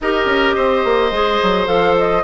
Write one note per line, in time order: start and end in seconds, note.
0.00 0.25 D#4
0.00 1.12 G4
0.00 0.55 A#4
0.00 1.67 D#5
0.25 0.53 C#4
0.55 0.84 C4
0.55 2.23 C5
0.84 1.11 A#3
1.11 1.39 G#3
1.11 1.66 G#4
1.43 1.67 F#3
1.66 2.23 F3
1.66 2.22 A4
1.66 1.95 F5
1.98 2.23 D#5